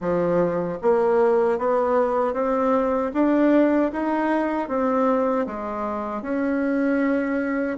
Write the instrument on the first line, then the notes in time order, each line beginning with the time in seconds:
bassoon
0.00 F3
0.82 A#3
1.58 B3
2.33 C4
3.13 D4
3.92 D#4
4.68 C4
5.46 G#3
6.21 C#4